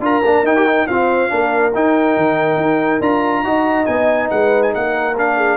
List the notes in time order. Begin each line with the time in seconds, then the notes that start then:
0.00 D4 F4 A#4 A#5
0.24 A#3 D4
0.43 D#4 G5
0.56 G4
0.67 D#4
0.87 C4 F4 C5 F5
1.29 A#3 D4 A#4
1.74 D#4 G5
2.17 D#3
2.57 D#4
3.00 D4 F4 A#5
3.44 D#4 F#4 D#5
3.85 B3 D#4 G#5
4.31 G#3 B4 F#5
4.63 G#5
4.74 A#3 A#4 F#5
5.18 D4 F5
5.37 G#4